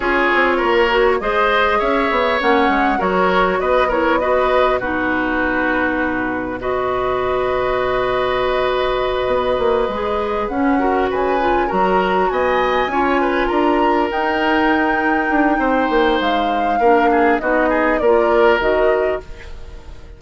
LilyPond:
<<
  \new Staff \with { instrumentName = "flute" } { \time 4/4 \tempo 4 = 100 cis''2 dis''4 e''4 | fis''4 cis''4 dis''8 cis''8 dis''4 | b'2. dis''4~ | dis''1~ |
dis''4. fis''4 gis''4 ais''8~ | ais''8 gis''2 ais''4 g''8~ | g''2. f''4~ | f''4 dis''4 d''4 dis''4 | }
  \new Staff \with { instrumentName = "oboe" } { \time 4/4 gis'4 ais'4 c''4 cis''4~ | cis''4 ais'4 b'8 ais'8 b'4 | fis'2. b'4~ | b'1~ |
b'2 ais'8 b'4 ais'8~ | ais'8 dis''4 cis''8 b'8 ais'4.~ | ais'2 c''2 | ais'8 gis'8 fis'8 gis'8 ais'2 | }
  \new Staff \with { instrumentName = "clarinet" } { \time 4/4 f'4. fis'8 gis'2 | cis'4 fis'4. e'8 fis'4 | dis'2. fis'4~ | fis'1~ |
fis'8 gis'4 cis'8 fis'4 f'8 fis'8~ | fis'4. f'2 dis'8~ | dis'1 | d'4 dis'4 f'4 fis'4 | }
  \new Staff \with { instrumentName = "bassoon" } { \time 4/4 cis'8 c'8 ais4 gis4 cis'8 b8 | ais8 gis8 fis4 b2 | b,1~ | b,2.~ b,8 b8 |
ais8 gis4 cis'4 cis4 fis8~ | fis8 b4 cis'4 d'4 dis'8~ | dis'4. d'8 c'8 ais8 gis4 | ais4 b4 ais4 dis4 | }
>>